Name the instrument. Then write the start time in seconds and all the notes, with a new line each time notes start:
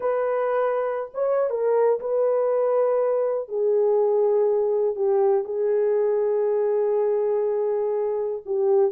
horn
0.00 B4
1.14 C#5
1.49 A#4
2.00 B4
3.48 G#4
4.95 G4
5.44 G#4
8.45 G4